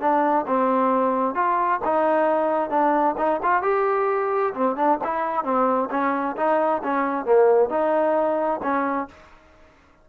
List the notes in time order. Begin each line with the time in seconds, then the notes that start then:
0.00 D4
0.47 C4
1.34 F4
1.84 D#4
2.70 D4
3.18 D#4
3.43 F4
3.62 G4
4.54 C4
4.76 D4
5.04 E4
5.44 C4
5.90 C#4
6.36 D#4
6.83 C#4
7.25 A#3
7.69 D#4
8.62 C#4